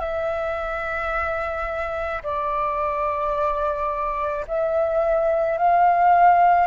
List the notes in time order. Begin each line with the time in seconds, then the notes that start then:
0.00 E5
2.23 D5
4.47 E5
5.58 F5